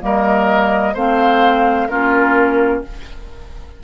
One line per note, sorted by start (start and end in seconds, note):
0.00 0.96 G3
0.00 0.94 A#3
0.00 0.94 A#4
0.00 0.96 D#5
0.94 1.89 A3
0.94 1.90 C4
0.94 1.88 C5
0.94 1.88 F5
1.88 2.84 A#3
1.88 2.84 C#4
1.88 2.84 F4
1.88 2.82 A#4